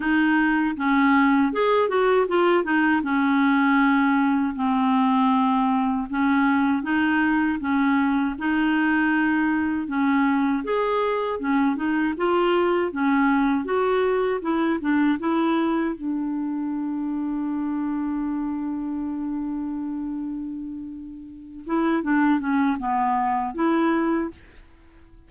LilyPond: \new Staff \with { instrumentName = "clarinet" } { \time 4/4 \tempo 4 = 79 dis'4 cis'4 gis'8 fis'8 f'8 dis'8 | cis'2 c'2 | cis'4 dis'4 cis'4 dis'4~ | dis'4 cis'4 gis'4 cis'8 dis'8 |
f'4 cis'4 fis'4 e'8 d'8 | e'4 d'2.~ | d'1~ | d'8 e'8 d'8 cis'8 b4 e'4 | }